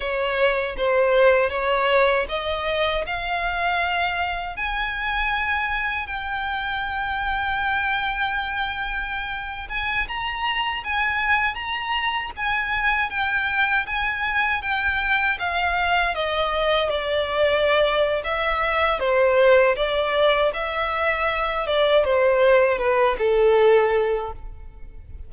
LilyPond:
\new Staff \with { instrumentName = "violin" } { \time 4/4 \tempo 4 = 79 cis''4 c''4 cis''4 dis''4 | f''2 gis''2 | g''1~ | g''8. gis''8 ais''4 gis''4 ais''8.~ |
ais''16 gis''4 g''4 gis''4 g''8.~ | g''16 f''4 dis''4 d''4.~ d''16 | e''4 c''4 d''4 e''4~ | e''8 d''8 c''4 b'8 a'4. | }